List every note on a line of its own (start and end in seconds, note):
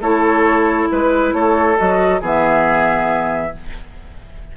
0.00 0.88 A3
0.00 1.76 E4
0.00 0.88 A4
0.00 0.89 C#5
0.91 1.33 G#3
0.91 1.33 B4
0.91 1.34 B4
1.33 1.76 A3
1.33 2.21 A4
1.33 1.77 C#5
1.76 2.21 F#3
1.76 2.20 F#4
1.76 2.22 D#5
2.21 3.52 E3
2.21 3.52 B3
2.21 3.52 G#4
2.21 3.56 E5